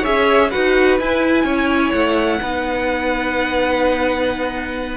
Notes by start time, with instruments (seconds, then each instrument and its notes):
0.00 cello C#4, viola G#4, violin C#5 E5
0.50 cello D#4, viola F#4, violin B4 F#5
0.99 cello E4, viola E4, violin G#5
1.44 cello C#4, violin C#5
1.92 cello A3, violin F#5
2.42 cello B3, viola D#4, violin B4